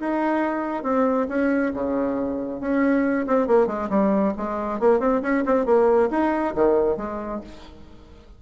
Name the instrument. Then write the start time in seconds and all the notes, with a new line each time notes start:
bassoon
0.00 D#4
0.84 C4
1.29 C#4
1.74 C#3
2.61 C#4
3.27 C4
3.47 A#3
3.67 G#3
3.90 G3
4.38 G#3
4.80 A#3
5.00 C4
5.22 C#4
5.46 C4
5.66 A#3
6.11 D#4
6.55 D#3
6.97 G#3